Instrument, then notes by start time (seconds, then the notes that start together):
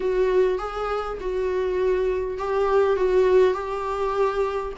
viola
0.00 F#4
0.58 G#4
1.20 F#4
2.38 G4
2.96 F#4
3.53 G4